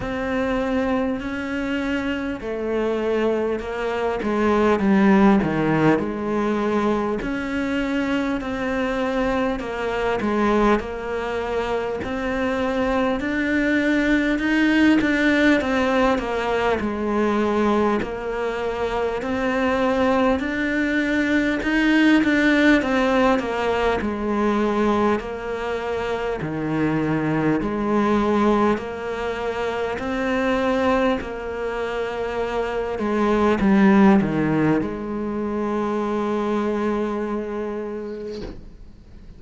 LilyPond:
\new Staff \with { instrumentName = "cello" } { \time 4/4 \tempo 4 = 50 c'4 cis'4 a4 ais8 gis8 | g8 dis8 gis4 cis'4 c'4 | ais8 gis8 ais4 c'4 d'4 | dis'8 d'8 c'8 ais8 gis4 ais4 |
c'4 d'4 dis'8 d'8 c'8 ais8 | gis4 ais4 dis4 gis4 | ais4 c'4 ais4. gis8 | g8 dis8 gis2. | }